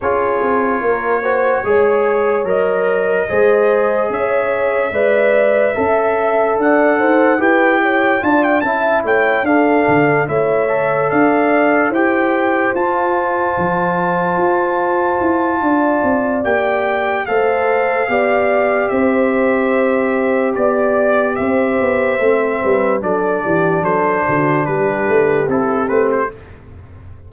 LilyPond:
<<
  \new Staff \with { instrumentName = "trumpet" } { \time 4/4 \tempo 4 = 73 cis''2. dis''4~ | dis''4 e''2. | fis''4 g''4 a''16 g''16 a''8 g''8 f''8~ | f''8 e''4 f''4 g''4 a''8~ |
a''1 | g''4 f''2 e''4~ | e''4 d''4 e''2 | d''4 c''4 b'4 a'8 b'16 c''16 | }
  \new Staff \with { instrumentName = "horn" } { \time 4/4 gis'4 ais'8 c''8 cis''2 | c''4 cis''4 d''4 e''4 | d''8 c''8 b'8 cis''8 d''8 e''8 cis''8 a'8~ | a'8 cis''4 d''4 c''4.~ |
c''2. d''4~ | d''4 c''4 d''4 c''4~ | c''4 d''4 c''4. b'8 | a'8 g'8 a'8 fis'8 g'2 | }
  \new Staff \with { instrumentName = "trombone" } { \time 4/4 f'4. fis'8 gis'4 ais'4 | gis'2 b'4 a'4~ | a'4 g'4 f'8 e'4 d'8~ | d'8 e'8 a'4. g'4 f'8~ |
f'1 | g'4 a'4 g'2~ | g'2. c'4 | d'2. e'8 c'8 | }
  \new Staff \with { instrumentName = "tuba" } { \time 4/4 cis'8 c'8 ais4 gis4 fis4 | gis4 cis'4 gis4 cis'4 | d'8 dis'8 e'4 d'8 cis'8 a8 d'8 | d8 a4 d'4 e'4 f'8~ |
f'8 f4 f'4 e'8 d'8 c'8 | ais4 a4 b4 c'4~ | c'4 b4 c'8 b8 a8 g8 | fis8 e8 fis8 d8 g8 a8 c'8 a8 | }
>>